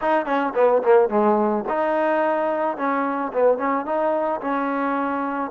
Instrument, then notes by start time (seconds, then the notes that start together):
trombone
0.01 D#4
0.25 C#4
0.55 B3
0.83 A#3
1.09 G#3
1.69 D#4
2.77 C#4
3.32 B3
3.58 C#4
3.85 D#4
4.40 C#4